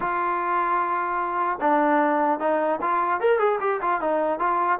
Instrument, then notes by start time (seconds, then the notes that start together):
trombone
0.00 F4
1.61 D4
2.39 D#4
2.81 F4
3.20 A#4
3.39 G#4
3.60 G4
3.81 F4
4.00 D#4
4.39 F4